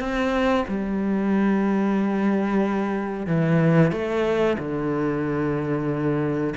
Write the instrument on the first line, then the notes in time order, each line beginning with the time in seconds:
cello
0.00 C4
0.68 G3
3.27 E3
3.92 A3
4.59 D3